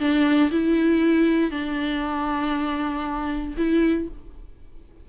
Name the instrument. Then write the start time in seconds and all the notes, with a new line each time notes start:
viola
0.00 D4
0.52 E4
1.51 D4
3.58 E4